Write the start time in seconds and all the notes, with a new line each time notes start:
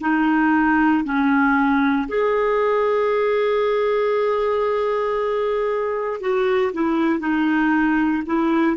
0.00 D#4
1.04 C#4
2.08 G#4
6.20 F#4
6.73 E4
7.19 D#4
8.26 E4